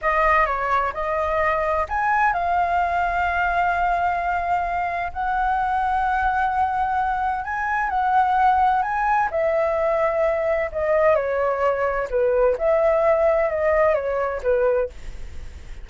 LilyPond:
\new Staff \with { instrumentName = "flute" } { \time 4/4 \tempo 4 = 129 dis''4 cis''4 dis''2 | gis''4 f''2.~ | f''2. fis''4~ | fis''1 |
gis''4 fis''2 gis''4 | e''2. dis''4 | cis''2 b'4 e''4~ | e''4 dis''4 cis''4 b'4 | }